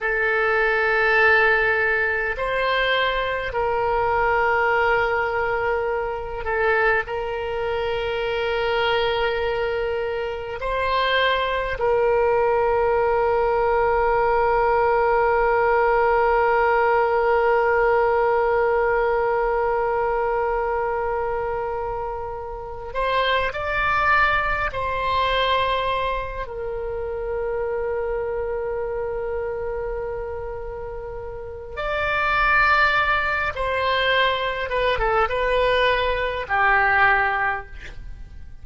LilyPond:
\new Staff \with { instrumentName = "oboe" } { \time 4/4 \tempo 4 = 51 a'2 c''4 ais'4~ | ais'4. a'8 ais'2~ | ais'4 c''4 ais'2~ | ais'1~ |
ais'2.~ ais'8 c''8 | d''4 c''4. ais'4.~ | ais'2. d''4~ | d''8 c''4 b'16 a'16 b'4 g'4 | }